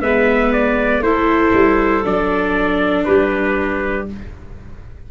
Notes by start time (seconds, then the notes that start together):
0.00 G#3 B3 B4 E5
0.53 D5
1.00 A3 E4 A4 C5
1.54 G3
2.04 F#3 D4 D5
3.05 G3 G4 B4